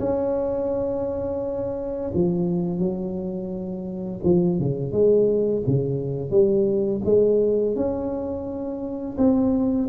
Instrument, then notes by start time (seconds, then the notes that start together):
tuba
0.00 C#4
2.14 F3
2.79 F#3
4.25 F3
4.59 C#3
4.93 G#3
5.67 C#3
6.31 G3
7.06 G#3
7.76 C#4
9.18 C4